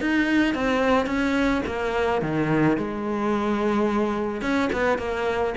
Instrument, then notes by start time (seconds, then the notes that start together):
cello
0.00 D#4
0.54 C4
1.06 C#4
1.66 A#3
2.21 D#3
2.77 G#3
4.41 C#4
4.72 B3
4.98 A#3